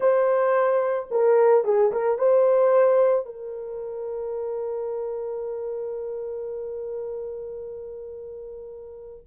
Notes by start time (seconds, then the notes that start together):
0.00 C5
1.11 A#4
1.64 G#4
1.91 A#4
2.18 C5
3.25 A#4